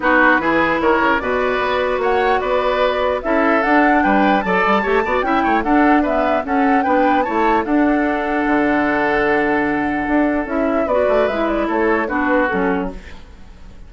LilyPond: <<
  \new Staff \with { instrumentName = "flute" } { \time 4/4 \tempo 4 = 149 b'2 cis''4 d''4~ | d''4 fis''4 d''2 | e''4 fis''4 g''4 a''4~ | a''4 g''4 fis''4 e''4 |
fis''4 g''4 a''4 fis''4~ | fis''1~ | fis''2 e''4 d''4 | e''8 d''8 cis''4 b'4 a'4 | }
  \new Staff \with { instrumentName = "oboe" } { \time 4/4 fis'4 gis'4 ais'4 b'4~ | b'4 cis''4 b'2 | a'2 b'4 d''4 | cis''8 d''8 e''8 cis''8 a'4 b'4 |
a'4 b'4 cis''4 a'4~ | a'1~ | a'2. b'4~ | b'4 a'4 fis'2 | }
  \new Staff \with { instrumentName = "clarinet" } { \time 4/4 dis'4 e'2 fis'4~ | fis'1 | e'4 d'2 a'4 | g'8 fis'8 e'4 d'4 b4 |
cis'4 d'4 e'4 d'4~ | d'1~ | d'2 e'4 fis'4 | e'2 d'4 cis'4 | }
  \new Staff \with { instrumentName = "bassoon" } { \time 4/4 b4 e4 dis8 cis8 b,4 | b4 ais4 b2 | cis'4 d'4 g4 fis8 g8 | a8 b8 cis'8 a8 d'2 |
cis'4 b4 a4 d'4~ | d'4 d2.~ | d4 d'4 cis'4 b8 a8 | gis4 a4 b4 fis4 | }
>>